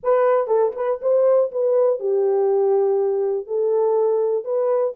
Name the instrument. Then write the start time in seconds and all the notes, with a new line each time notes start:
horn
0.03 B4
0.47 A4
0.76 B4
1.01 C5
1.51 B4
1.99 G4
3.46 A4
4.44 B4